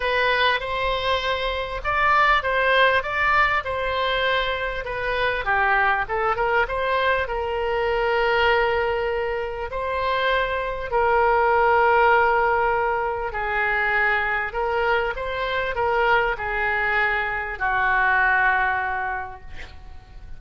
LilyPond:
\new Staff \with { instrumentName = "oboe" } { \time 4/4 \tempo 4 = 99 b'4 c''2 d''4 | c''4 d''4 c''2 | b'4 g'4 a'8 ais'8 c''4 | ais'1 |
c''2 ais'2~ | ais'2 gis'2 | ais'4 c''4 ais'4 gis'4~ | gis'4 fis'2. | }